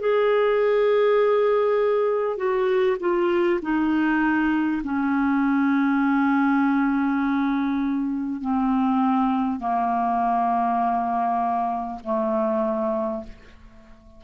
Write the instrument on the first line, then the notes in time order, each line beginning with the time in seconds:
clarinet
0.00 G#4
2.37 F#4
3.01 F4
3.62 D#4
4.84 C#4
8.41 C4
9.60 A#3
12.04 A3